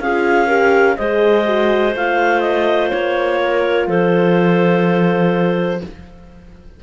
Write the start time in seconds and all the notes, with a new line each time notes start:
0.00 C#4 F4 G#4 F5
0.47 G4 A#4
0.97 G#3 G#4 C5 D#5
1.46 F#4
1.95 A3 F4 F5
2.41 D#5
2.90 A#3 C#5
3.43 A#4
3.87 F3 A4 C5